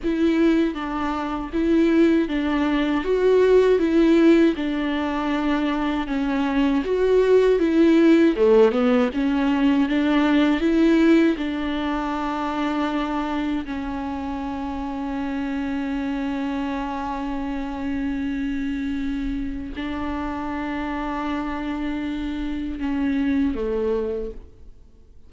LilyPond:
\new Staff \with { instrumentName = "viola" } { \time 4/4 \tempo 4 = 79 e'4 d'4 e'4 d'4 | fis'4 e'4 d'2 | cis'4 fis'4 e'4 a8 b8 | cis'4 d'4 e'4 d'4~ |
d'2 cis'2~ | cis'1~ | cis'2 d'2~ | d'2 cis'4 a4 | }